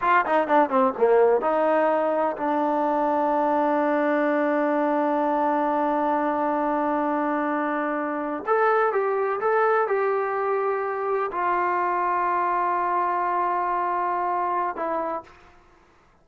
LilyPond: \new Staff \with { instrumentName = "trombone" } { \time 4/4 \tempo 4 = 126 f'8 dis'8 d'8 c'8 ais4 dis'4~ | dis'4 d'2.~ | d'1~ | d'1~ |
d'4.~ d'16 a'4 g'4 a'16~ | a'8. g'2. f'16~ | f'1~ | f'2. e'4 | }